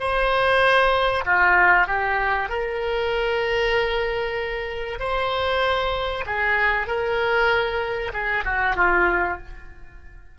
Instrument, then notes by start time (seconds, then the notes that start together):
oboe
0.00 C5
1.25 F4
1.88 G4
2.49 A#4
5.00 C5
6.27 G#4
6.88 A#4
8.13 G#4
8.45 F#4
8.76 F4